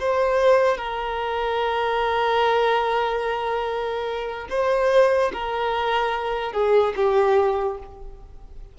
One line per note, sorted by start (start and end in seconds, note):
0.00 0.78 C5
0.78 4.48 A#4
4.50 5.32 C5
5.33 6.53 A#4
6.53 6.94 G#4
6.96 7.79 G4